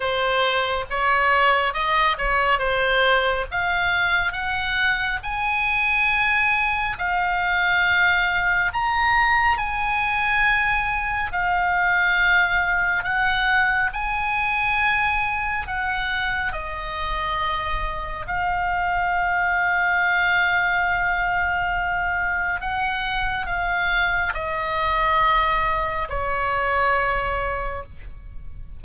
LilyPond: \new Staff \with { instrumentName = "oboe" } { \time 4/4 \tempo 4 = 69 c''4 cis''4 dis''8 cis''8 c''4 | f''4 fis''4 gis''2 | f''2 ais''4 gis''4~ | gis''4 f''2 fis''4 |
gis''2 fis''4 dis''4~ | dis''4 f''2.~ | f''2 fis''4 f''4 | dis''2 cis''2 | }